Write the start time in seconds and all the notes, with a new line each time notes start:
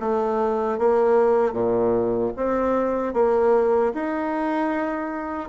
0.00 A3
0.79 A#3
1.53 A#2
2.36 C4
3.14 A#3
3.94 D#4